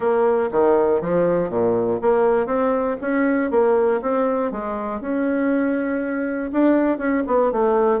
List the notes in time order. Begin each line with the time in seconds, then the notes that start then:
0.00 A#3
0.51 D#3
1.01 F3
1.49 A#2
2.01 A#3
2.46 C4
3.01 C#4
3.50 A#3
4.01 C4
4.51 G#3
5.00 C#4
6.52 D4
6.98 C#4
7.27 B3
7.52 A3